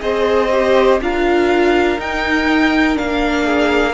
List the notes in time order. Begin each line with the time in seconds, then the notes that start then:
0.00 C4 G#4 C5 D#5
0.51 G4
1.00 D4 F4 A#4 F5
1.98 D#4 G5
2.94 A#3 D4 F5
3.44 G#4